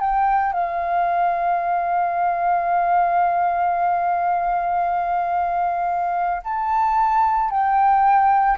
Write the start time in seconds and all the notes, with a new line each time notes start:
0.00 G5
0.53 F5
6.44 A5
7.50 G5